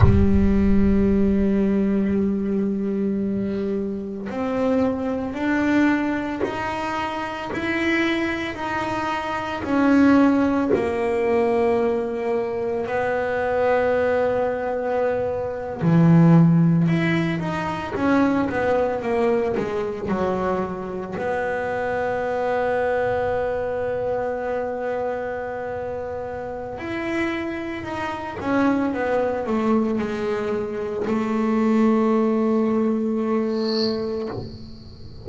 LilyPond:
\new Staff \with { instrumentName = "double bass" } { \time 4/4 \tempo 4 = 56 g1 | c'4 d'4 dis'4 e'4 | dis'4 cis'4 ais2 | b2~ b8. e4 e'16~ |
e'16 dis'8 cis'8 b8 ais8 gis8 fis4 b16~ | b1~ | b4 e'4 dis'8 cis'8 b8 a8 | gis4 a2. | }